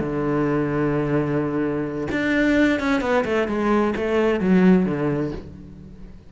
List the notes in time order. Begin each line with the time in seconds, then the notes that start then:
0.00 D3
2.12 D4
2.80 C#4
3.01 B3
3.25 A3
3.48 G#3
3.96 A3
4.40 F#3
4.86 D3